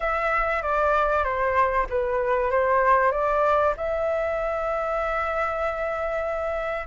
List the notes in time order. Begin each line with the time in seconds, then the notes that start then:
0.00 E5
0.62 D5
1.23 C5
1.89 B4
2.50 C5
3.11 D5
3.76 E5